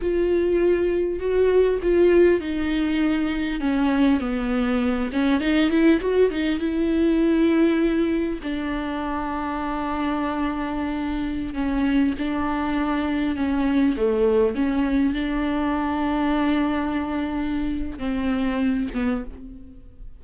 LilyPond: \new Staff \with { instrumentName = "viola" } { \time 4/4 \tempo 4 = 100 f'2 fis'4 f'4 | dis'2 cis'4 b4~ | b8 cis'8 dis'8 e'8 fis'8 dis'8 e'4~ | e'2 d'2~ |
d'2.~ d'16 cis'8.~ | cis'16 d'2 cis'4 a8.~ | a16 cis'4 d'2~ d'8.~ | d'2 c'4. b8 | }